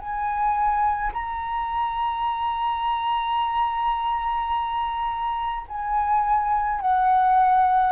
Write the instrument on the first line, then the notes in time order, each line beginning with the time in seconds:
flute
0.00 G#5
1.13 A#5
5.69 G#5
6.81 F#5